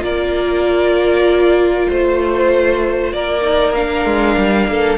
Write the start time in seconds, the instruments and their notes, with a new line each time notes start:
0.00 cello A#3, viola F4, violin A#4 D5
1.89 cello A3, violin C5
3.13 cello A#3, violin A#4 D5
3.42 viola D#4
3.75 viola D4, violin F5
4.05 cello G#3
4.37 cello G3
4.68 cello A#3, violin A4